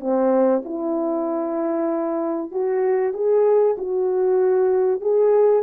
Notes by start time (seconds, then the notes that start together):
0.00 C4
0.64 E4
2.51 F#4
3.14 G#4
3.78 F#4
5.01 G#4